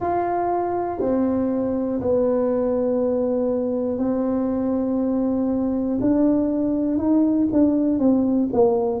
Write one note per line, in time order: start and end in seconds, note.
0.00 1.00 F4
1.00 2.00 C4
2.00 3.98 B3
3.98 5.98 C4
6.00 6.97 D4
6.97 7.47 D#4
7.52 7.98 D4
7.98 8.48 C4
8.52 9.00 A#3